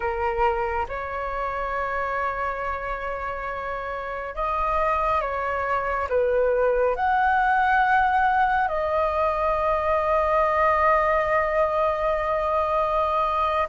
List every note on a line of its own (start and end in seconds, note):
0.00 0.87 A#4
0.88 4.35 C#5
4.35 5.21 D#5
5.21 6.08 C#5
6.09 6.95 B4
6.95 8.68 F#5
8.68 13.68 D#5